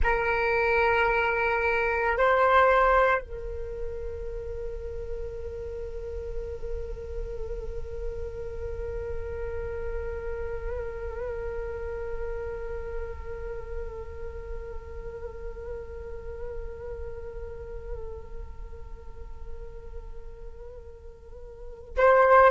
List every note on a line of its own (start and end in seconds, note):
0.03 2.17 A#4
2.17 3.21 C5
3.21 21.96 A#4
21.97 22.50 C5